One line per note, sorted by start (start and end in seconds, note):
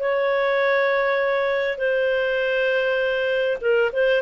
0.00 1.78 C#5
1.78 3.58 C5
3.61 3.91 A#4
3.93 4.22 C5